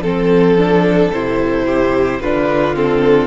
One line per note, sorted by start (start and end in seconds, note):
0.00 1.09 F3
0.00 0.58 C4
0.00 1.12 A4
0.00 1.66 A4
0.58 1.13 D4
1.13 2.21 C3
1.13 2.22 E4
1.13 2.21 C5
1.66 2.20 G4
2.21 3.27 D3
2.21 2.75 D4
2.21 3.27 F4
2.21 2.76 B4
2.75 3.27 C4
2.75 3.27 A4